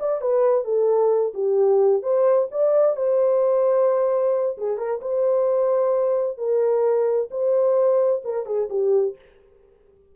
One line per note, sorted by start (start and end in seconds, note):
0.00 0.21 D5
0.21 0.65 B4
0.65 1.33 A4
1.34 2.03 G4
2.03 2.49 C5
2.51 2.97 D5
2.97 4.57 C5
4.58 4.78 G#4
4.78 5.01 A#4
5.01 6.38 C5
6.38 7.30 A#4
7.31 8.23 C5
8.25 8.46 A#4
8.46 8.69 G#4
8.70 9.16 G4